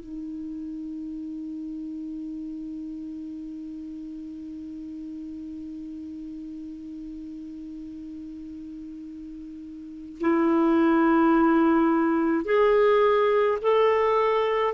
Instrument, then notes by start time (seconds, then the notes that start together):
clarinet
0.00 D#4
10.20 E4
12.45 G#4
13.62 A4